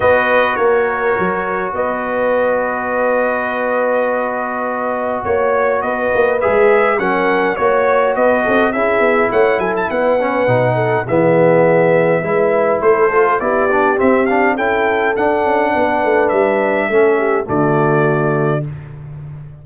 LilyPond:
<<
  \new Staff \with { instrumentName = "trumpet" } { \time 4/4 \tempo 4 = 103 dis''4 cis''2 dis''4~ | dis''1~ | dis''4 cis''4 dis''4 e''4 | fis''4 cis''4 dis''4 e''4 |
fis''8 gis''16 a''16 fis''2 e''4~ | e''2 c''4 d''4 | e''8 f''8 g''4 fis''2 | e''2 d''2 | }
  \new Staff \with { instrumentName = "horn" } { \time 4/4 b'4 ais'2 b'4~ | b'1~ | b'4 cis''4 b'2 | ais'4 cis''4 b'8 a'8 gis'4 |
cis''8 a'8 b'4. a'8 gis'4~ | gis'4 b'4 a'4 g'4~ | g'4 a'2 b'4~ | b'4 a'8 g'8 fis'2 | }
  \new Staff \with { instrumentName = "trombone" } { \time 4/4 fis'1~ | fis'1~ | fis'2. gis'4 | cis'4 fis'2 e'4~ |
e'4. cis'8 dis'4 b4~ | b4 e'4. f'8 e'8 d'8 | c'8 d'8 e'4 d'2~ | d'4 cis'4 a2 | }
  \new Staff \with { instrumentName = "tuba" } { \time 4/4 b4 ais4 fis4 b4~ | b1~ | b4 ais4 b8 ais8 gis4 | fis4 ais4 b8 c'8 cis'8 b8 |
a8 fis8 b4 b,4 e4~ | e4 gis4 a4 b4 | c'4 cis'4 d'8 cis'8 b8 a8 | g4 a4 d2 | }
>>